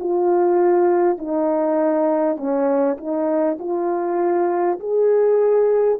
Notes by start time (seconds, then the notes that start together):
0.00 F4
1.19 D#4
2.37 C#4
2.98 D#4
3.59 F4
4.80 G#4